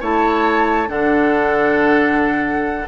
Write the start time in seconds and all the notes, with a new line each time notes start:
0.00 A3 E4 C#5 A5
0.87 D3 D4 A4 F#5